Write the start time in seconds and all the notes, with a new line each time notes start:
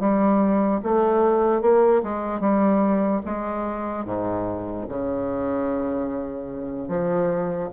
0.00 G3
0.83 A3
1.61 A#3
2.03 G#3
2.41 G3
3.26 G#3
4.05 G#2
4.89 C#3
6.88 F3